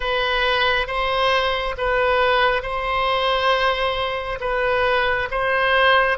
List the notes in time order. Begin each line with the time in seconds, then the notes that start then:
0.00 B4
0.87 C5
1.77 B4
2.62 C5
4.40 B4
5.31 C5